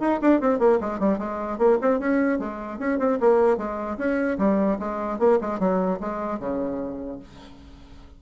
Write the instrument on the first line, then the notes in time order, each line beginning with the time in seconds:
bassoon
0.00 D#4
0.22 D4
0.41 C4
0.59 A#3
0.81 G#3
1.00 G3
1.19 G#3
1.58 A#3
1.82 C4
1.99 C#4
2.39 G#3
2.79 C#4
2.99 C4
3.20 A#3
3.58 G#3
3.98 C#4
4.38 G3
4.79 G#3
5.19 A#3
5.41 G#3
5.60 F#3
6.00 G#3
6.40 C#3